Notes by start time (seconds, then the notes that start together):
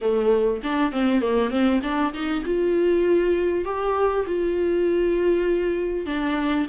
0.01 A3
0.63 D4
0.92 C4
1.21 A#3
1.50 C4
1.82 D4
2.13 D#4
2.45 F4
3.64 G4
4.26 F4
6.06 D4